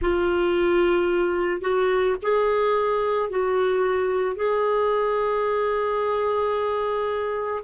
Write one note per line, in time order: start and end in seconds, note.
0.01 1.61 F4
1.61 2.15 F#4
2.22 3.29 G#4
3.29 4.36 F#4
4.36 7.63 G#4